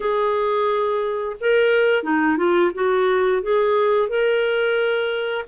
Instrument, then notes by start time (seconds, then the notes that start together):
clarinet
0.00 G#4
1.40 A#4
2.03 D#4
2.37 F4
2.74 F#4
3.42 G#4
4.08 A#4